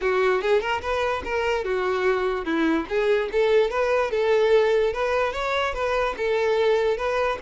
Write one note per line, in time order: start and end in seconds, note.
0.01 0.41 F#4
0.41 0.60 G#4
0.60 0.81 A#4
0.81 1.22 B4
1.24 1.64 A#4
1.64 2.45 F#4
2.45 2.86 E4
2.88 3.29 G#4
3.32 3.70 A4
3.70 4.10 B4
4.10 4.93 A4
4.93 5.32 B4
5.32 5.73 C#5
5.73 6.15 B4
6.17 6.97 A4
6.97 7.38 B4